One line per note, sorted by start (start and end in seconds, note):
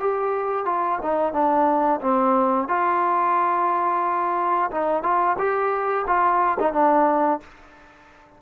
0.00 0.66 G4
0.66 0.99 F4
1.02 1.33 D#4
1.33 2.00 D4
2.01 2.68 C4
2.68 4.71 F4
4.71 5.03 D#4
5.03 5.37 F4
5.38 6.06 G4
6.07 6.58 F4
6.60 6.73 D#4
6.73 7.40 D4